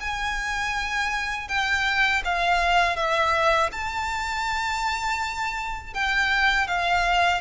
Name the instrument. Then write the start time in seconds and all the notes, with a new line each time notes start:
violin
0.00 G#5
1.48 G5
2.24 F5
2.96 E5
3.72 A5
5.94 G5
6.67 F5